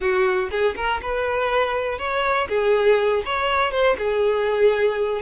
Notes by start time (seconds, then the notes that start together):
0.00 F#4
0.50 G#4
0.76 A#4
1.02 B4
1.98 C#5
2.48 G#4
3.25 C#5
3.71 C5
3.98 G#4